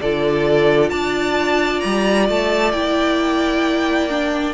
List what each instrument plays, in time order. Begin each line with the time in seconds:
0.00 cello D3, viola F4, violin A4 D5
0.89 cello D4, violin D5 A5
1.80 cello G3, violin A#5
2.29 cello A3, violin A5
2.71 cello A#3, viola E4, violin G5
4.09 viola D4